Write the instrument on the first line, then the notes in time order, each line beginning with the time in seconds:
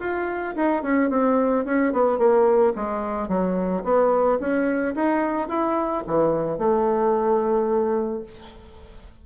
bassoon
0.00 F4
0.56 D#4
0.83 C#4
1.10 C4
1.65 C#4
1.93 B3
2.18 A#3
2.76 G#3
3.29 F#3
3.84 B3
4.40 C#4
4.95 D#4
5.49 E4
6.07 E3
6.58 A3